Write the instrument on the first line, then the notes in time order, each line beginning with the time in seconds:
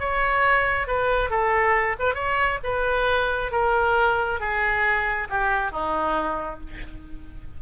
oboe
0.00 C#5
0.88 B4
1.30 A4
2.00 B4
2.15 C#5
2.64 B4
3.52 A#4
4.40 G#4
5.30 G4
5.72 D#4